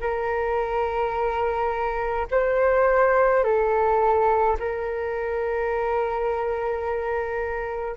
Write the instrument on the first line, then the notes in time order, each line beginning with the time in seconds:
flute
0.00 A#4
2.31 C5
3.43 A4
4.59 A#4